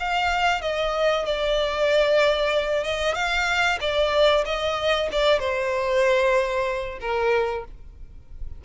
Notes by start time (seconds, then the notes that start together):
0.00 F5
0.62 D#5
1.26 D5
2.84 D#5
3.15 F5
3.81 D5
4.46 D#5
5.12 D5
5.40 C5
7.01 A#4